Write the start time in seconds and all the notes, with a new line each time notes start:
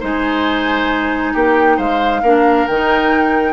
0.00 G#3 D#4 C5 G#5
1.33 A#3 G4 G5
1.77 G#3 C5 F5
2.22 A#3 D4 A#4
2.67 D#3 D#4 G5